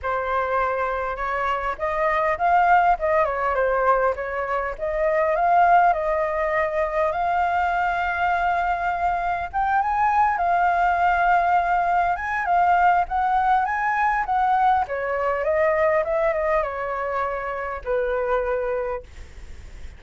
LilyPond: \new Staff \with { instrumentName = "flute" } { \time 4/4 \tempo 4 = 101 c''2 cis''4 dis''4 | f''4 dis''8 cis''8 c''4 cis''4 | dis''4 f''4 dis''2 | f''1 |
g''8 gis''4 f''2~ f''8~ | f''8 gis''8 f''4 fis''4 gis''4 | fis''4 cis''4 dis''4 e''8 dis''8 | cis''2 b'2 | }